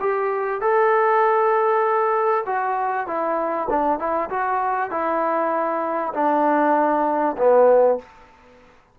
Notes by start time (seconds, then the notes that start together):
0.00 G4
0.60 A4
2.46 F#4
3.07 E4
3.69 D4
3.99 E4
4.29 F#4
4.90 E4
6.14 D4
7.37 B3